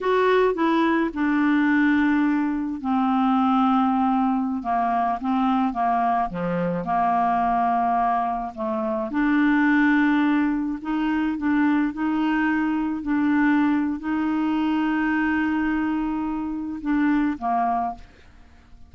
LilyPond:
\new Staff \with { instrumentName = "clarinet" } { \time 4/4 \tempo 4 = 107 fis'4 e'4 d'2~ | d'4 c'2.~ | c'16 ais4 c'4 ais4 f8.~ | f16 ais2. a8.~ |
a16 d'2. dis'8.~ | dis'16 d'4 dis'2 d'8.~ | d'4 dis'2.~ | dis'2 d'4 ais4 | }